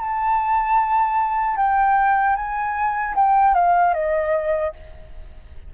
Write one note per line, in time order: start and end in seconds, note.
0.00 1.57 A5
1.57 2.36 G5
2.36 3.15 G#5
3.15 3.54 G5
3.54 3.94 F5
3.94 4.73 D#5